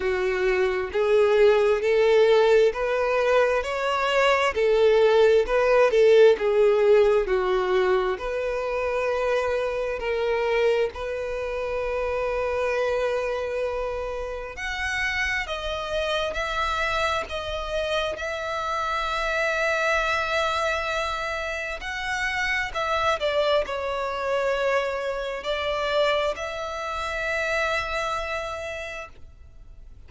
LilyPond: \new Staff \with { instrumentName = "violin" } { \time 4/4 \tempo 4 = 66 fis'4 gis'4 a'4 b'4 | cis''4 a'4 b'8 a'8 gis'4 | fis'4 b'2 ais'4 | b'1 |
fis''4 dis''4 e''4 dis''4 | e''1 | fis''4 e''8 d''8 cis''2 | d''4 e''2. | }